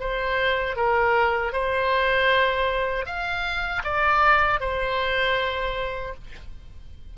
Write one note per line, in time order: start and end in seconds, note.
0.00 0.77 C5
0.77 1.53 A#4
1.53 3.06 C5
3.06 3.83 F5
3.84 4.61 D5
4.61 6.15 C5